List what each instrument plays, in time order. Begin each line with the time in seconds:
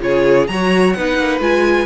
0.00 cello C#3, viola F4, violin G#4 C#5
0.47 cello F#3, viola F#4, violin C#5 A#5
0.92 cello B3, viola D#4, violin B4 F#5
1.18 cello A#3
1.39 cello G#3, viola F4, violin G#5